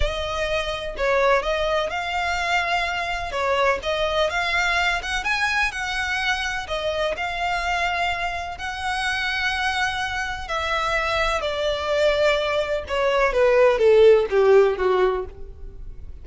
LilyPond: \new Staff \with { instrumentName = "violin" } { \time 4/4 \tempo 4 = 126 dis''2 cis''4 dis''4 | f''2. cis''4 | dis''4 f''4. fis''8 gis''4 | fis''2 dis''4 f''4~ |
f''2 fis''2~ | fis''2 e''2 | d''2. cis''4 | b'4 a'4 g'4 fis'4 | }